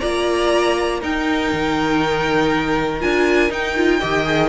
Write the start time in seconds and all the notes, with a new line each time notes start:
0.00 A#3 F4 D5 A#5
0.99 D#4 A#4 G5
1.52 D#3
3.00 D4 F4 G#5
3.49 D#4 G5
3.76 F4
3.99 D#3 G4 D#5
4.25 G#4